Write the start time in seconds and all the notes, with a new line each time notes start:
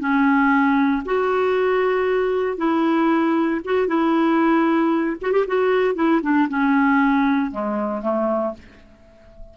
0.00 C#4
1.06 F#4
2.58 E4
3.65 F#4
3.87 E4
5.22 F#4
5.33 G4
5.47 F#4
5.95 E4
6.23 D4
6.49 C#4
7.52 G#3
8.02 A3